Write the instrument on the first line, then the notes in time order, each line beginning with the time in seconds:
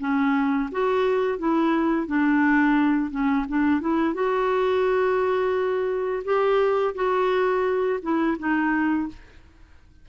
clarinet
0.00 C#4
0.72 F#4
1.39 E4
2.07 D4
3.11 C#4
3.49 D4
3.81 E4
4.14 F#4
6.25 G4
6.95 F#4
8.03 E4
8.39 D#4